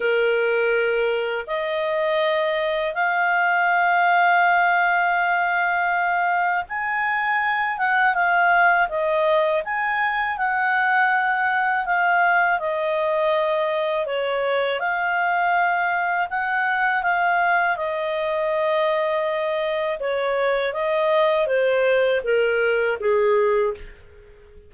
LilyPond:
\new Staff \with { instrumentName = "clarinet" } { \time 4/4 \tempo 4 = 81 ais'2 dis''2 | f''1~ | f''4 gis''4. fis''8 f''4 | dis''4 gis''4 fis''2 |
f''4 dis''2 cis''4 | f''2 fis''4 f''4 | dis''2. cis''4 | dis''4 c''4 ais'4 gis'4 | }